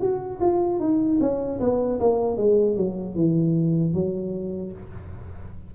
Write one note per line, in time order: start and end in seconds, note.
0.00 0.39 F#4
0.41 0.80 F4
0.80 1.19 D#4
1.20 1.60 C#4
1.60 2.00 B3
2.00 2.38 A#3
2.38 2.77 G#3
2.77 3.15 F#3
3.15 3.94 E3
3.94 4.73 F#3